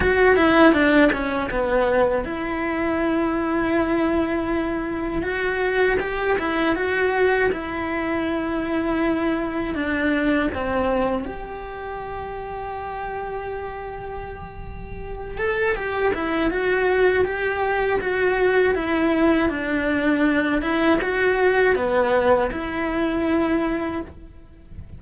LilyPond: \new Staff \with { instrumentName = "cello" } { \time 4/4 \tempo 4 = 80 fis'8 e'8 d'8 cis'8 b4 e'4~ | e'2. fis'4 | g'8 e'8 fis'4 e'2~ | e'4 d'4 c'4 g'4~ |
g'1~ | g'8 a'8 g'8 e'8 fis'4 g'4 | fis'4 e'4 d'4. e'8 | fis'4 b4 e'2 | }